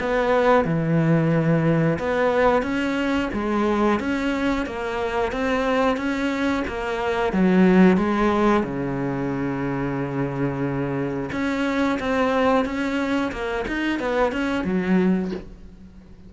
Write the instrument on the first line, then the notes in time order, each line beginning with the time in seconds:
cello
0.00 B3
0.65 E3
1.99 B3
2.62 C#4
3.33 G#3
3.99 C#4
4.66 A#3
5.32 C4
5.97 C#4
6.68 A#3
7.32 F#3
7.97 G#3
8.63 C#3
11.32 C#4
11.99 C4
12.65 C#4
13.32 A#3
13.67 D#4
13.99 B3
14.32 C#4
14.64 F#3